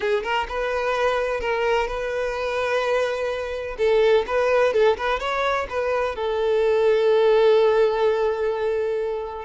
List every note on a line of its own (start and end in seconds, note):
0.00 0.23 G#4
0.23 0.46 A#4
0.48 1.40 B4
1.40 1.87 A#4
1.87 3.76 B4
3.78 4.25 A4
4.26 4.73 B4
4.73 4.96 A4
4.97 5.19 B4
5.19 5.66 C#5
5.69 6.15 B4
6.15 9.45 A4